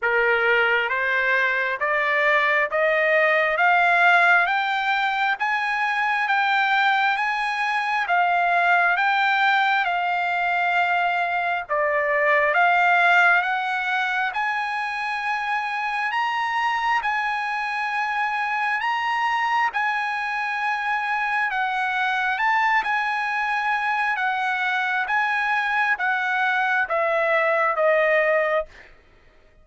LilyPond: \new Staff \with { instrumentName = "trumpet" } { \time 4/4 \tempo 4 = 67 ais'4 c''4 d''4 dis''4 | f''4 g''4 gis''4 g''4 | gis''4 f''4 g''4 f''4~ | f''4 d''4 f''4 fis''4 |
gis''2 ais''4 gis''4~ | gis''4 ais''4 gis''2 | fis''4 a''8 gis''4. fis''4 | gis''4 fis''4 e''4 dis''4 | }